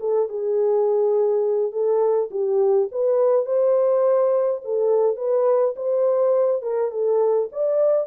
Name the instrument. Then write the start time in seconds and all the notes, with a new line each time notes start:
horn
0.00 A4
0.29 G#4
1.72 A4
2.31 G4
2.92 B4
3.46 C5
4.64 A4
5.17 B4
5.76 C5
6.62 A#4
6.91 A4
7.52 D5